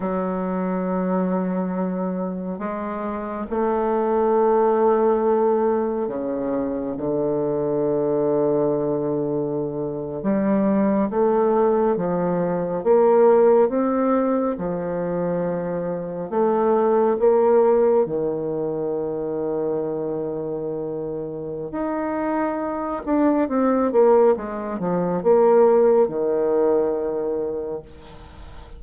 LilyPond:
\new Staff \with { instrumentName = "bassoon" } { \time 4/4 \tempo 4 = 69 fis2. gis4 | a2. cis4 | d2.~ d8. g16~ | g8. a4 f4 ais4 c'16~ |
c'8. f2 a4 ais16~ | ais8. dis2.~ dis16~ | dis4 dis'4. d'8 c'8 ais8 | gis8 f8 ais4 dis2 | }